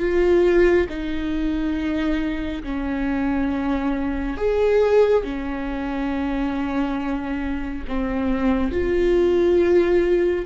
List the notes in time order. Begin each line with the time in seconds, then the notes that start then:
0.00 F4
0.89 D#4
2.64 C#4
4.37 G#4
5.24 C#4
7.89 C4
8.72 F4